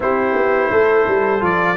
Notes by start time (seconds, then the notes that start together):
0.00 C4 E4 G4 C5
0.34 B3
0.70 A3 A4
1.07 G3
1.40 F3 F4 D5